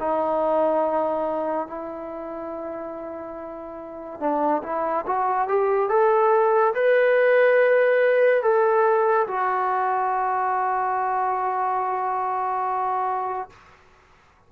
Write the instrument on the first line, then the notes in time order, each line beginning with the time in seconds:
trombone
0.00 D#4
1.67 E4
4.20 D4
4.63 E4
5.07 F#4
5.48 G4
5.90 A4
6.75 B4
8.43 A4
9.28 F#4